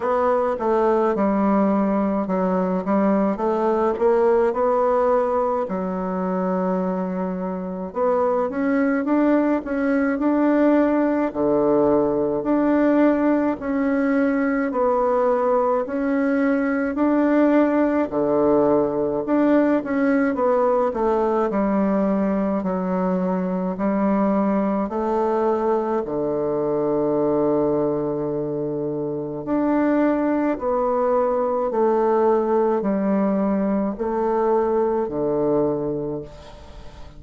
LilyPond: \new Staff \with { instrumentName = "bassoon" } { \time 4/4 \tempo 4 = 53 b8 a8 g4 fis8 g8 a8 ais8 | b4 fis2 b8 cis'8 | d'8 cis'8 d'4 d4 d'4 | cis'4 b4 cis'4 d'4 |
d4 d'8 cis'8 b8 a8 g4 | fis4 g4 a4 d4~ | d2 d'4 b4 | a4 g4 a4 d4 | }